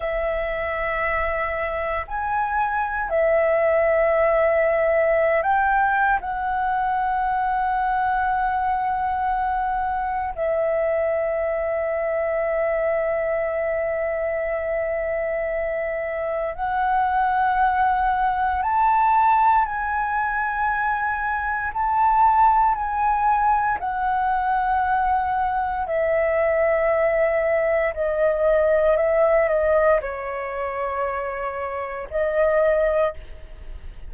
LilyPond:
\new Staff \with { instrumentName = "flute" } { \time 4/4 \tempo 4 = 58 e''2 gis''4 e''4~ | e''4~ e''16 g''8. fis''2~ | fis''2 e''2~ | e''1 |
fis''2 a''4 gis''4~ | gis''4 a''4 gis''4 fis''4~ | fis''4 e''2 dis''4 | e''8 dis''8 cis''2 dis''4 | }